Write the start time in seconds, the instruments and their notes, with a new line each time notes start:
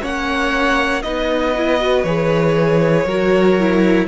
0.00 cello A#3, viola C#4, violin C#5 F#5
1.02 cello B3, viola D#4, violin B4 D#5
1.56 viola E4
1.79 viola F#4
2.03 cello E3, viola G#4, violin C#5
3.04 cello F#3, viola F#4, violin A#4
3.59 viola E4